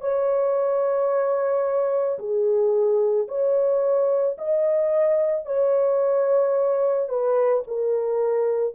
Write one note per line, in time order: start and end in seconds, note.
0.00 2.18 C#5
2.18 3.27 G#4
3.28 4.37 C#5
4.38 5.45 D#5
5.45 7.09 C#5
7.09 7.63 B4
7.67 8.74 A#4